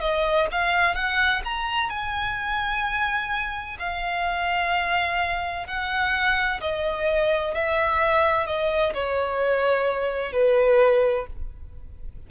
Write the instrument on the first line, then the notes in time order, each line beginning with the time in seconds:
violin
0.00 D#5
0.51 F5
0.94 F#5
1.44 A#5
1.89 G#5
3.79 F5
5.66 F#5
6.60 D#5
7.54 E5
8.46 D#5
8.94 C#5
10.32 B4